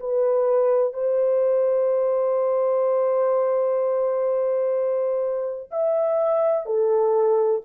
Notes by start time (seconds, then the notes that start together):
0.00 B4
0.94 C5
5.71 E5
6.67 A4